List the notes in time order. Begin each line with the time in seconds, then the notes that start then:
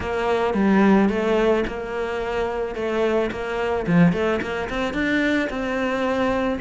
0.00 A#3
0.54 G3
1.09 A3
1.67 A#3
2.75 A3
3.31 A#3
3.87 F3
4.12 A3
4.41 A#3
4.69 C4
4.93 D4
5.49 C4